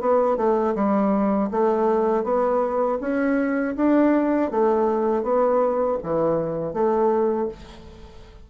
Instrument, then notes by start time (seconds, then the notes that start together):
bassoon
0.00 B3
0.36 A3
0.75 G3
1.51 A3
2.23 B3
3.00 C#4
3.76 D4
4.51 A3
5.23 B3
6.03 E3
6.73 A3